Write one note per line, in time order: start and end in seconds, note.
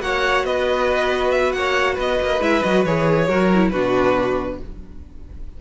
0.00 0.44 A#3
0.00 2.40 F#4
0.00 0.46 C#5
0.00 0.45 F#5
0.44 1.53 B3
0.44 1.56 B4
0.44 1.31 D#5
1.31 1.52 E5
1.52 1.97 A#3
1.52 1.95 C#5
1.52 1.96 F#5
1.95 2.20 B3
1.95 3.26 B4
1.95 2.42 D#5
2.21 2.40 A#3
2.40 2.62 G#3
2.40 2.62 E4
2.40 2.63 E5
2.63 2.85 F#3
2.63 2.86 F#4
2.63 2.84 D#5
2.85 3.28 E3
2.85 3.29 G#4
2.85 3.70 C#5
3.28 3.72 F#3
3.28 3.51 F#4
3.28 3.72 A#4
3.54 3.73 E4
3.70 4.60 B2
3.70 4.61 D4
3.70 4.60 F#4
3.70 4.58 B4